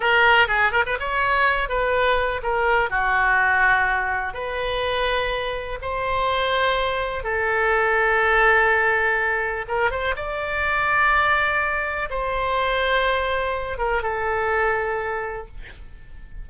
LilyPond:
\new Staff \with { instrumentName = "oboe" } { \time 4/4 \tempo 4 = 124 ais'4 gis'8 ais'16 b'16 cis''4. b'8~ | b'4 ais'4 fis'2~ | fis'4 b'2. | c''2. a'4~ |
a'1 | ais'8 c''8 d''2.~ | d''4 c''2.~ | c''8 ais'8 a'2. | }